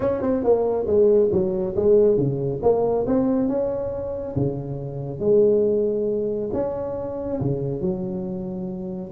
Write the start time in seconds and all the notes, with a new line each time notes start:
0.00 C#4
0.21 C4
0.43 A#3
0.86 G#3
1.31 F#3
1.75 G#3
2.17 C#3
2.62 A#3
3.06 C4
3.48 C#4
4.36 C#3
5.19 G#3
6.53 C#4
7.40 C#3
7.81 F#3